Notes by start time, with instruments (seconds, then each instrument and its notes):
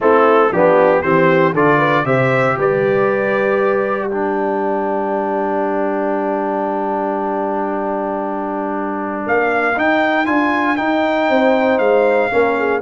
0.00 tuba A3, trombone C4, horn E4, trumpet A4
0.51 tuba F3, trombone B3, horn D4, trumpet G4
1.02 tuba E3, trombone C4, horn G4, trumpet C5
1.53 tuba D3, trombone F4, horn A4, trumpet D5
1.77 horn B4
2.04 tuba C3, trombone G4, horn C5, trumpet E5
2.58 tuba G3, horn B4, trumpet D5
4.07 trombone D4, horn A#4, trumpet G5
9.26 tuba A#3, trumpet F5
9.76 trombone D#4, tuba D#4, trumpet G5
10.25 tuba D4, trombone F4, trumpet G#5
10.76 trombone D#4, tuba D#4, trumpet G5
11.28 tuba C4, horn C5
11.78 tuba G#3, trumpet F5
12.30 tuba A#3, trombone C#4, horn A#4
12.58 horn G#4